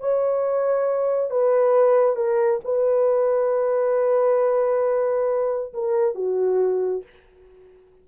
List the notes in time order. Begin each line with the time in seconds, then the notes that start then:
0.00 C#5
1.30 B4
2.16 A#4
2.64 B4
5.74 A#4
6.15 F#4